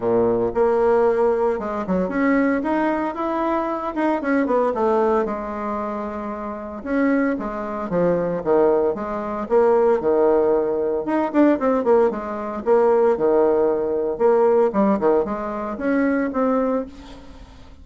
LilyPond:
\new Staff \with { instrumentName = "bassoon" } { \time 4/4 \tempo 4 = 114 ais,4 ais2 gis8 fis8 | cis'4 dis'4 e'4. dis'8 | cis'8 b8 a4 gis2~ | gis4 cis'4 gis4 f4 |
dis4 gis4 ais4 dis4~ | dis4 dis'8 d'8 c'8 ais8 gis4 | ais4 dis2 ais4 | g8 dis8 gis4 cis'4 c'4 | }